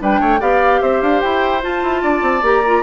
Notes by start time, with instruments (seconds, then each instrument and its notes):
0.00 bassoon G3, clarinet D4, oboe B4, flute G5
0.20 bassoon A3, oboe C#5
0.39 bassoon B3, clarinet G4, oboe D5, flute F5
0.81 bassoon C4, oboe C5, flute E5
1.01 bassoon D4, flute F5
1.20 bassoon E4, flute G5
1.61 clarinet F4, bassoon F4, flute A5
1.83 bassoon E4
2.01 bassoon D4, oboe D5
2.22 bassoon C4
2.42 bassoon A#3, clarinet G4, flute A#5
2.65 clarinet F4